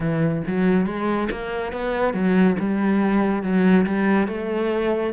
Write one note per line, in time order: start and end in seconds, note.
0.00 0.42 E3
0.47 0.86 F#3
0.86 1.29 G#3
1.31 1.72 A#3
1.72 2.13 B3
2.13 2.56 F#3
2.59 3.42 G3
3.42 3.85 F#3
3.86 4.27 G3
4.27 5.13 A3